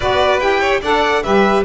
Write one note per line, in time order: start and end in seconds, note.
0.00 0.40 B3
0.00 0.40 F#4
0.00 0.60 B4
0.00 0.39 D5
0.39 0.81 E4
0.39 0.81 G4
0.39 0.81 G5
0.60 0.80 C#5
0.81 1.23 D4
0.81 1.24 A4
0.81 1.22 D5
0.81 1.23 F#5
1.23 1.64 G3
1.23 1.64 G4
1.23 1.64 B4
1.23 1.64 E5